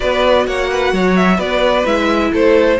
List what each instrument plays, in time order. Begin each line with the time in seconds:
0.00 cello B3, viola F#4, violin B4 D5
0.46 cello A#3, violin C#5 F#5
0.70 violin B4
0.93 cello F#3, violin C#5
1.16 violin E5
1.37 cello B3, violin B4 D5
1.85 cello G#3, viola E4, violin E5
2.32 cello A3, violin A4 C5